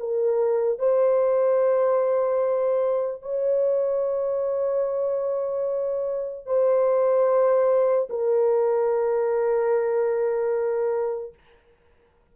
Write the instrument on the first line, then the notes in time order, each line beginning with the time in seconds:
horn
0.00 A#4
0.79 C5
3.22 C#5
6.46 C5
8.10 A#4